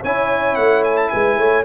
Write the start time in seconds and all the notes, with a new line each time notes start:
0.00 C#4 E4 C#5 G#5
0.55 A3 F#5
0.83 G#5
0.96 A5
1.09 G#3 B4 G#5
1.38 A3 C#5